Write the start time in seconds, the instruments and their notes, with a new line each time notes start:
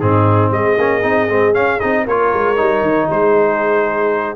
0.00 tuba G#2, trombone C4, horn D#4, trumpet G#4
0.51 tuba G#3, horn G#4, trumpet D#5
0.78 tuba A#3, trombone C#4
1.02 tuba C4, trombone D#4
1.28 tuba G#3, trombone C4
1.53 trombone C#4, tuba C#4, trumpet F5
1.79 tuba C4, trombone D#4, trumpet D#5
2.03 tuba A#3, trombone F4, horn A#4, trumpet C#5
2.33 tuba G#3
2.56 tuba G3, trombone D#4
2.82 tuba D#3
3.08 tuba G#3, horn G#4, trumpet C5